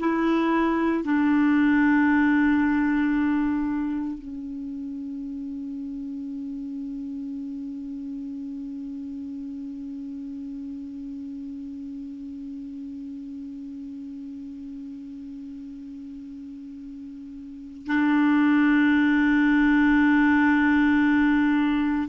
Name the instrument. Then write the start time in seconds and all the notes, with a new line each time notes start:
clarinet
0.00 E4
1.04 D4
4.19 C#4
17.87 D4